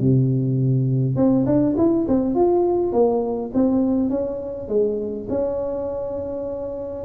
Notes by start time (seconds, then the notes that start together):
0.00 C3
1.16 C4
1.46 D4
1.77 E4
2.08 C4
2.35 F4
2.93 A#3
3.54 C4
4.10 C#4
4.69 G#3
5.30 C#4